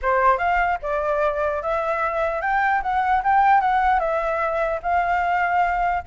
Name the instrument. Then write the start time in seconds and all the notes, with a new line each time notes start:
flute
0.01 C5
0.38 F5
0.82 D5
1.62 E5
2.41 G5
2.82 F#5
3.23 G5
3.60 F#5
3.99 E5
4.82 F5